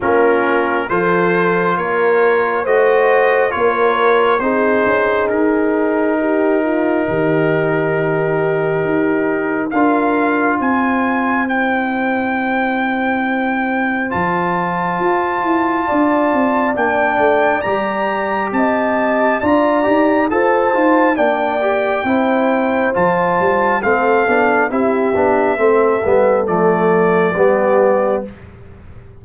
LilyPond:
<<
  \new Staff \with { instrumentName = "trumpet" } { \time 4/4 \tempo 4 = 68 ais'4 c''4 cis''4 dis''4 | cis''4 c''4 ais'2~ | ais'2. f''4 | gis''4 g''2. |
a''2. g''4 | ais''4 a''4 ais''4 a''4 | g''2 a''4 f''4 | e''2 d''2 | }
  \new Staff \with { instrumentName = "horn" } { \time 4/4 f'4 a'4 ais'4 c''4 | ais'4 gis'2 g'8 f'8 | g'2. ais'4 | c''1~ |
c''2 d''2~ | d''4 dis''4 d''4 c''4 | d''4 c''2 a'4 | g'4 a'2 g'4 | }
  \new Staff \with { instrumentName = "trombone" } { \time 4/4 cis'4 f'2 fis'4 | f'4 dis'2.~ | dis'2. f'4~ | f'4 e'2. |
f'2. d'4 | g'2 f'8 g'8 a'8 f'8 | d'8 g'8 e'4 f'4 c'8 d'8 | e'8 d'8 c'8 b8 a4 b4 | }
  \new Staff \with { instrumentName = "tuba" } { \time 4/4 ais4 f4 ais4 a4 | ais4 c'8 cis'8 dis'2 | dis2 dis'4 d'4 | c'1 |
f4 f'8 e'8 d'8 c'8 ais8 a8 | g4 c'4 d'8 dis'8 f'8 dis'8 | ais4 c'4 f8 g8 a8 b8 | c'8 b8 a8 g8 f4 g4 | }
>>